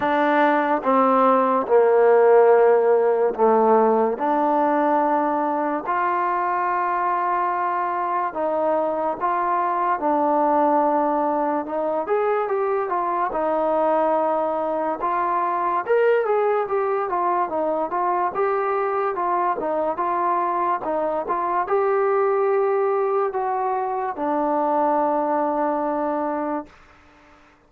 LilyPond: \new Staff \with { instrumentName = "trombone" } { \time 4/4 \tempo 4 = 72 d'4 c'4 ais2 | a4 d'2 f'4~ | f'2 dis'4 f'4 | d'2 dis'8 gis'8 g'8 f'8 |
dis'2 f'4 ais'8 gis'8 | g'8 f'8 dis'8 f'8 g'4 f'8 dis'8 | f'4 dis'8 f'8 g'2 | fis'4 d'2. | }